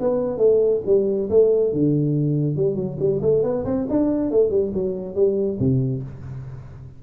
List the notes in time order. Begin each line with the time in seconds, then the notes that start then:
0.00 B3
0.37 A3
0.86 G3
1.29 A3
1.72 D3
2.56 G3
2.75 F#3
2.99 G3
3.21 A3
3.43 B3
3.65 C4
3.89 D4
4.31 A3
4.50 G3
4.73 F#3
5.15 G3
5.59 C3